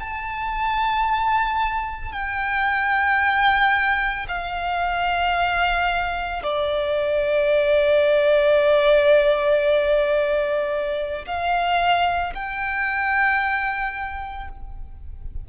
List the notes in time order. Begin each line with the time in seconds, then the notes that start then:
0.00 A5
2.12 G5
4.29 F5
6.43 D5
11.27 F5
12.35 G5